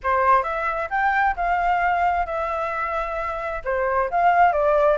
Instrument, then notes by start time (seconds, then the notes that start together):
flute
0.03 C5
0.43 E5
0.90 G5
1.35 F5
2.25 E5
3.64 C5
4.10 F5
4.52 D5